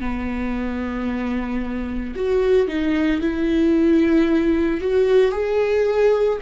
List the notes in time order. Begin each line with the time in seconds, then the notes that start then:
0.00 B3
2.16 F#4
2.68 D#4
3.21 E4
4.81 F#4
5.32 G#4